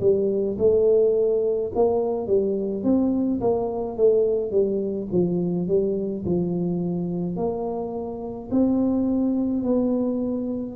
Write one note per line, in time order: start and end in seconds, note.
0.00 0.57 G3
0.58 1.71 A3
1.74 2.26 A#3
2.26 2.83 G3
2.83 3.40 C4
3.40 3.97 A#3
3.97 4.51 A3
4.51 5.07 G3
5.11 5.67 F3
5.67 6.24 G3
6.25 7.36 F3
7.36 8.49 A#3
8.51 9.63 C4
9.63 10.75 B3